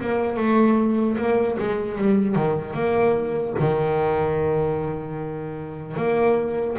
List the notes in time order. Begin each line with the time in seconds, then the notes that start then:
0.00 A#3
0.36 A3
1.17 A#3
1.59 G#3
1.97 G3
2.35 D#3
2.73 A#3
3.59 D#3
5.96 A#3